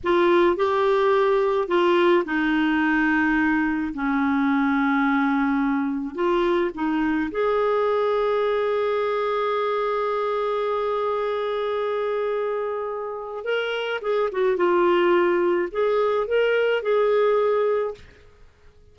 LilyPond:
\new Staff \with { instrumentName = "clarinet" } { \time 4/4 \tempo 4 = 107 f'4 g'2 f'4 | dis'2. cis'4~ | cis'2. f'4 | dis'4 gis'2.~ |
gis'1~ | gis'1 | ais'4 gis'8 fis'8 f'2 | gis'4 ais'4 gis'2 | }